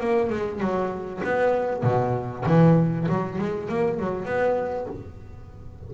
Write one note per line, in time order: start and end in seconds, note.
0.00 0.30 A#3
0.30 0.60 G#3
0.60 1.21 F#3
1.24 1.83 B3
1.83 2.44 B2
2.45 3.07 E3
3.08 3.38 F#3
3.38 3.69 G#3
3.69 3.99 A#3
3.99 4.25 F#3
4.25 4.86 B3